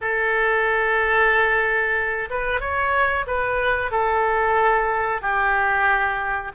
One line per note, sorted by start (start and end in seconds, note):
0.01 2.29 A4
2.30 2.60 B4
2.60 3.25 C#5
3.26 3.91 B4
3.91 5.21 A4
5.21 6.52 G4